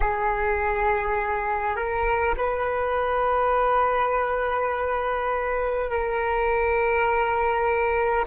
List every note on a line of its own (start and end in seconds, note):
0.00 1.75 G#4
1.76 2.35 A#4
2.37 5.90 B4
5.90 8.25 A#4